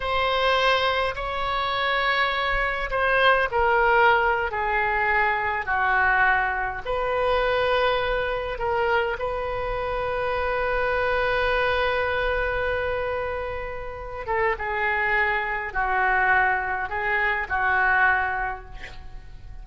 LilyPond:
\new Staff \with { instrumentName = "oboe" } { \time 4/4 \tempo 4 = 103 c''2 cis''2~ | cis''4 c''4 ais'4.~ ais'16 gis'16~ | gis'4.~ gis'16 fis'2 b'16~ | b'2~ b'8. ais'4 b'16~ |
b'1~ | b'1~ | b'8 a'8 gis'2 fis'4~ | fis'4 gis'4 fis'2 | }